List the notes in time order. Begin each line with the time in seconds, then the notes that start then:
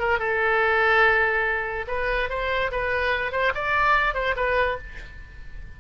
0.00 A#4
0.20 A4
1.88 B4
2.30 C5
2.72 B4
3.32 C5
3.55 D5
4.15 C5
4.37 B4